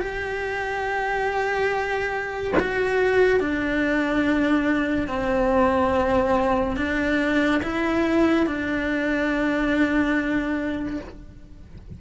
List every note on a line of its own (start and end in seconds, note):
0.00 2.54 G4
2.59 3.40 F#4
3.40 5.07 D4
5.07 6.76 C4
6.76 7.61 D4
7.62 8.47 E4
8.47 11.00 D4